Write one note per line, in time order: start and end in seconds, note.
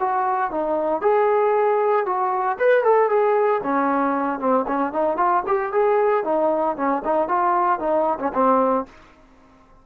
0.00 0.51 F#4
0.51 1.02 D#4
1.02 2.06 G#4
2.06 2.58 F#4
2.59 2.84 B4
2.84 3.09 A4
3.09 3.62 G#4
3.64 4.39 C#4
4.39 4.66 C4
4.67 4.93 C#4
4.93 5.17 D#4
5.17 5.43 F4
5.47 5.72 G4
5.72 6.24 G#4
6.24 6.77 D#4
6.77 7.03 C#4
7.05 7.29 D#4
7.29 7.79 F4
7.79 8.19 D#4
8.19 8.32 C#4
8.34 8.86 C4